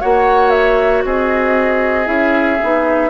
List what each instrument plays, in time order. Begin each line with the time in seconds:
0.00 bassoon A#3, clarinet F#4, oboe C#5, flute F#5
0.50 flute E5
1.04 bassoon C4, oboe G#4, flute D#5
2.05 bassoon C#4, clarinet E4, flute E5
2.62 bassoon B3, clarinet D#4